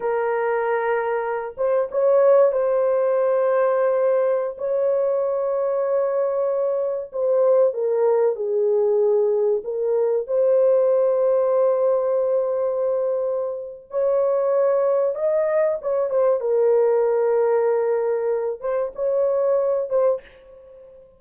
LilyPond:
\new Staff \with { instrumentName = "horn" } { \time 4/4 \tempo 4 = 95 ais'2~ ais'8 c''8 cis''4 | c''2.~ c''16 cis''8.~ | cis''2.~ cis''16 c''8.~ | c''16 ais'4 gis'2 ais'8.~ |
ais'16 c''2.~ c''8.~ | c''2 cis''2 | dis''4 cis''8 c''8 ais'2~ | ais'4. c''8 cis''4. c''8 | }